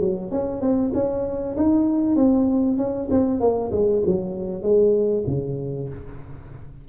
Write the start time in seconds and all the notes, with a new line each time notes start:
0.00 F#3
0.31 C#4
0.61 C4
0.94 C#4
1.57 D#4
2.16 C4
2.78 C#4
3.10 C4
3.40 A#3
3.72 G#3
4.06 F#3
4.62 G#3
5.27 C#3